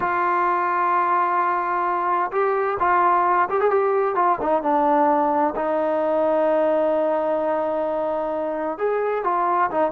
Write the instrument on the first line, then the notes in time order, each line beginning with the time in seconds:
trombone
0.00 F4
2.31 G4
2.79 F4
3.49 G4
3.60 G#4
3.70 G4
4.15 F4
4.41 D#4
4.62 D4
5.55 D#4
8.78 G#4
9.24 F4
9.70 D#4